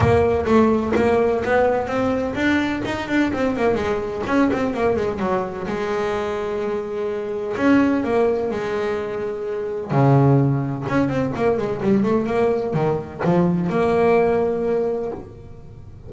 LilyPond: \new Staff \with { instrumentName = "double bass" } { \time 4/4 \tempo 4 = 127 ais4 a4 ais4 b4 | c'4 d'4 dis'8 d'8 c'8 ais8 | gis4 cis'8 c'8 ais8 gis8 fis4 | gis1 |
cis'4 ais4 gis2~ | gis4 cis2 cis'8 c'8 | ais8 gis8 g8 a8 ais4 dis4 | f4 ais2. | }